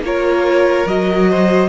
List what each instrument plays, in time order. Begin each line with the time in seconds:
0.00 cello A#3, viola F4, violin C#5
0.06 violin A#4
0.86 cello F#3, viola F#4, violin D#5
1.30 violin C5